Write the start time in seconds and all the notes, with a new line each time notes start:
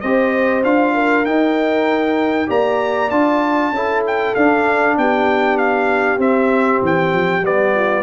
0.00 C4 G4 C5 D#5
0.63 D4 F4 F5
0.94 A#4
1.25 D#4 G5
2.47 A#3 G4 D5 A#5
3.09 D4 F4 A5
3.71 C#4 E4 A4
4.06 G5
4.35 D4 F5
4.97 B3 G4 G5
5.57 F5
6.18 C4 E5
6.82 E3 G5
7.13 F3
7.42 G3 B3 D5
7.74 F4